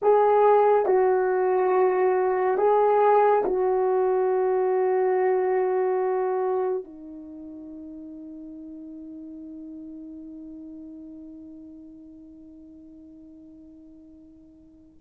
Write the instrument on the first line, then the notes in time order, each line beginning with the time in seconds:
horn
0.02 G#4
0.86 F#4
2.57 G#4
3.44 F#4
6.84 D#4